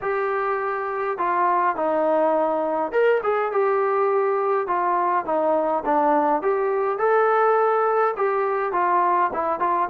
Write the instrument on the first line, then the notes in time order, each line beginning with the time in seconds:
trombone
0.01 G4
1.18 F4
1.76 D#4
2.92 A#4
3.23 G#4
3.52 G4
4.67 F4
5.25 D#4
5.85 D4
6.42 G4
6.98 A4
8.16 G4
8.72 F4
9.33 E4
9.59 F4